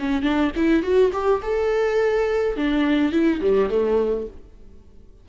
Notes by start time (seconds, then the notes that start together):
0.00 C#4
0.23 D4
0.56 E4
0.83 F#4
1.13 G4
1.43 A4
2.57 D4
3.12 E4
3.41 G3
3.70 A3